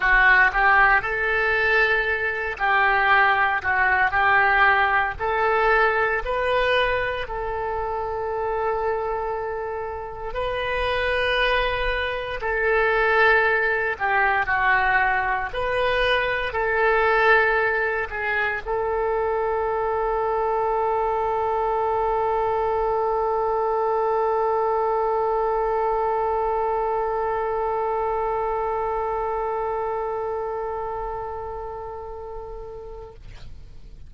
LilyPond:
\new Staff \with { instrumentName = "oboe" } { \time 4/4 \tempo 4 = 58 fis'8 g'8 a'4. g'4 fis'8 | g'4 a'4 b'4 a'4~ | a'2 b'2 | a'4. g'8 fis'4 b'4 |
a'4. gis'8 a'2~ | a'1~ | a'1~ | a'1 | }